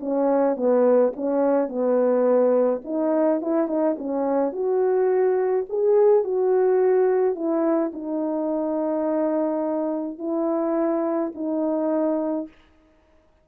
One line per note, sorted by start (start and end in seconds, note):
0.00 0.56 C#4
0.56 1.13 B3
1.16 1.69 C#4
1.69 2.82 B3
2.85 3.41 D#4
3.41 3.68 E4
3.68 3.96 D#4
3.98 4.52 C#4
4.52 5.66 F#4
5.69 6.24 G#4
6.24 7.35 F#4
7.35 7.92 E4
7.93 10.19 D#4
10.19 11.32 E4
11.35 12.48 D#4